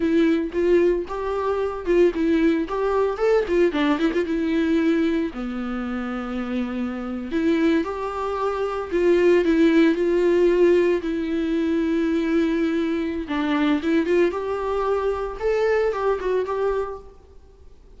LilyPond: \new Staff \with { instrumentName = "viola" } { \time 4/4 \tempo 4 = 113 e'4 f'4 g'4. f'8 | e'4 g'4 a'8 f'8 d'8 e'16 f'16 | e'2 b2~ | b4.~ b16 e'4 g'4~ g'16~ |
g'8. f'4 e'4 f'4~ f'16~ | f'8. e'2.~ e'16~ | e'4 d'4 e'8 f'8 g'4~ | g'4 a'4 g'8 fis'8 g'4 | }